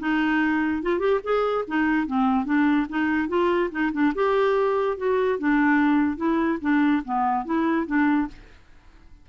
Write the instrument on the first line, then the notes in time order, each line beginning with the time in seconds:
clarinet
0.00 D#4
0.83 F4
1.00 G4
1.24 G#4
1.68 D#4
2.07 C4
2.46 D4
2.90 D#4
3.29 F4
3.72 D#4
3.93 D4
4.15 G4
4.98 F#4
5.39 D4
6.17 E4
6.62 D4
7.06 B3
7.46 E4
7.87 D4